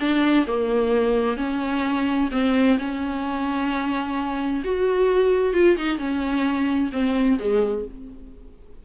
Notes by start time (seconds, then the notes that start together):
0.00 D4
0.47 A#3
1.37 C#4
2.32 C4
2.79 C#4
4.65 F#4
5.54 F4
5.77 D#4
5.98 C#4
6.93 C4
7.39 G#3